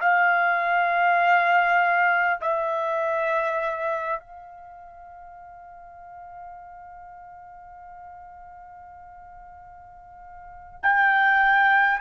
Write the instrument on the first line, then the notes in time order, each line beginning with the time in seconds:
trumpet
0.00 F5
2.41 E5
4.20 F5
10.83 G5